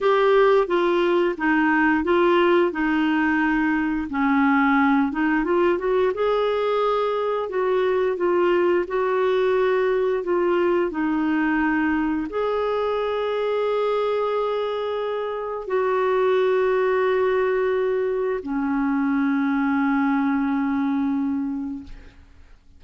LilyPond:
\new Staff \with { instrumentName = "clarinet" } { \time 4/4 \tempo 4 = 88 g'4 f'4 dis'4 f'4 | dis'2 cis'4. dis'8 | f'8 fis'8 gis'2 fis'4 | f'4 fis'2 f'4 |
dis'2 gis'2~ | gis'2. fis'4~ | fis'2. cis'4~ | cis'1 | }